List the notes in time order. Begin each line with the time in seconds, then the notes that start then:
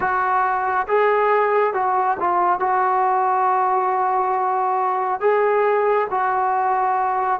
0.00 F#4
0.87 G#4
1.73 F#4
2.19 F4
2.59 F#4
5.20 G#4
6.10 F#4